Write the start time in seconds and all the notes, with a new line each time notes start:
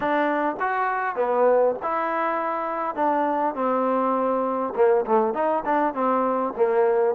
0.00 D4
0.60 F#4
1.15 B3
1.82 E4
2.95 D4
3.54 C4
4.75 A#3
5.05 A3
5.34 D#4
5.65 D4
5.94 C4
6.56 A#3